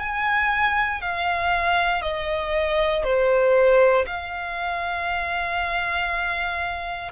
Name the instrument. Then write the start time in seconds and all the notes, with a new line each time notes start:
violin
0.00 G#5
1.02 F5
2.02 D#5
3.04 C5
4.07 F5